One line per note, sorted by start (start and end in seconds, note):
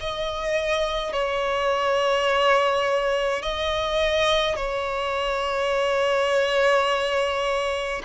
0.00 1.12 D#5
1.12 3.42 C#5
3.42 4.56 D#5
4.56 8.02 C#5